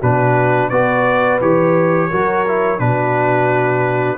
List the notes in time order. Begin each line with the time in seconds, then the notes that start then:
0.00 B2 D4 F#4 B4
0.69 B3 F#4 B4 D5
1.41 E3 G4 C#5
2.10 F#3 F#4 A#4
2.48 E4
2.79 B2 D4 F#4 B4